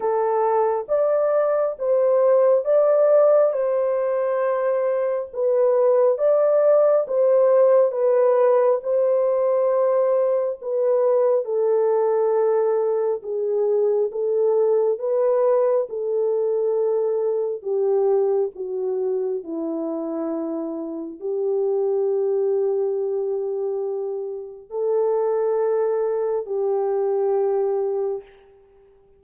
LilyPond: \new Staff \with { instrumentName = "horn" } { \time 4/4 \tempo 4 = 68 a'4 d''4 c''4 d''4 | c''2 b'4 d''4 | c''4 b'4 c''2 | b'4 a'2 gis'4 |
a'4 b'4 a'2 | g'4 fis'4 e'2 | g'1 | a'2 g'2 | }